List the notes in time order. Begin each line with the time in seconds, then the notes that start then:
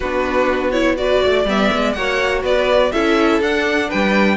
0.00 B3 D4 F#4 B4
0.71 E4 C#5
0.96 F#4 B4 D5
1.23 A3 D5
1.45 G3 B3 E5
1.72 G#3
1.93 A#3 F#4 C#5 F#5
2.42 B3 B4 D5
2.92 C#4 E4 A4 E5
3.40 D4 F#5
3.88 G3 B4 G5